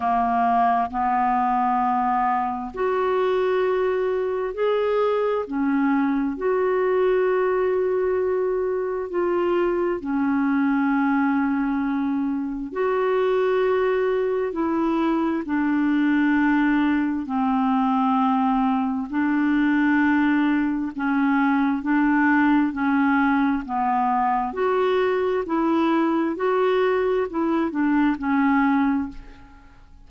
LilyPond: \new Staff \with { instrumentName = "clarinet" } { \time 4/4 \tempo 4 = 66 ais4 b2 fis'4~ | fis'4 gis'4 cis'4 fis'4~ | fis'2 f'4 cis'4~ | cis'2 fis'2 |
e'4 d'2 c'4~ | c'4 d'2 cis'4 | d'4 cis'4 b4 fis'4 | e'4 fis'4 e'8 d'8 cis'4 | }